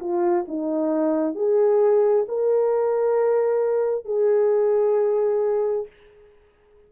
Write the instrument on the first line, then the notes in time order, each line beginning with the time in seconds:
horn
0.00 F4
0.48 D#4
1.35 G#4
2.29 A#4
4.05 G#4